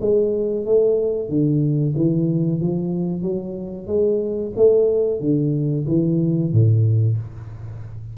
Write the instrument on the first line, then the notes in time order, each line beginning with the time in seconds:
tuba
0.00 G#3
0.65 A3
1.28 D3
1.96 E3
2.60 F3
3.22 F#3
3.87 G#3
4.56 A3
5.20 D3
5.87 E3
6.52 A2